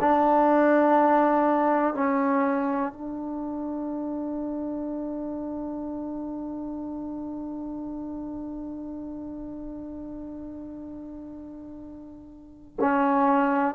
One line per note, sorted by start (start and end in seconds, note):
0.00 1.94 D4
1.94 2.92 C#4
2.92 12.76 D4
12.80 13.75 C#4